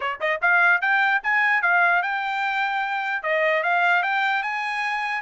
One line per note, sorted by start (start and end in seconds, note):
0.00 0.19 C#5
0.20 0.40 D#5
0.41 0.81 F5
0.81 1.21 G5
1.23 1.62 G#5
1.62 2.02 F5
2.02 3.22 G5
3.22 3.63 D#5
3.63 4.02 F5
4.02 4.42 G5
4.42 5.21 G#5